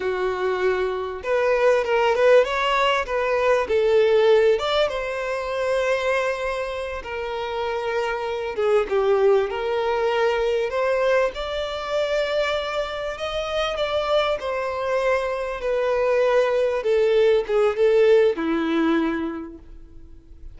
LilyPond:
\new Staff \with { instrumentName = "violin" } { \time 4/4 \tempo 4 = 98 fis'2 b'4 ais'8 b'8 | cis''4 b'4 a'4. d''8 | c''2.~ c''8 ais'8~ | ais'2 gis'8 g'4 ais'8~ |
ais'4. c''4 d''4.~ | d''4. dis''4 d''4 c''8~ | c''4. b'2 a'8~ | a'8 gis'8 a'4 e'2 | }